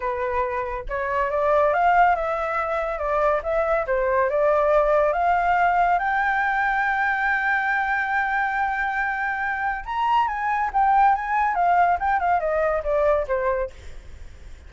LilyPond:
\new Staff \with { instrumentName = "flute" } { \time 4/4 \tempo 4 = 140 b'2 cis''4 d''4 | f''4 e''2 d''4 | e''4 c''4 d''2 | f''2 g''2~ |
g''1~ | g''2. ais''4 | gis''4 g''4 gis''4 f''4 | g''8 f''8 dis''4 d''4 c''4 | }